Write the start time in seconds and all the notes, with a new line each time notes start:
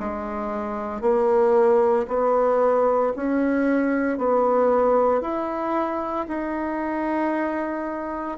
0.00 G#3
1.01 A#3
2.08 B3
3.16 C#4
4.18 B3
5.22 E4
6.28 D#4